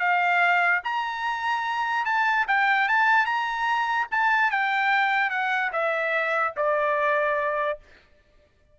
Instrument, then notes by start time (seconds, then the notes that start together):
trumpet
0.00 F5
0.84 A#5
2.06 A5
2.48 G5
2.89 A5
3.26 A#5
4.11 A5
4.51 G5
5.30 F#5
5.73 E5
6.57 D5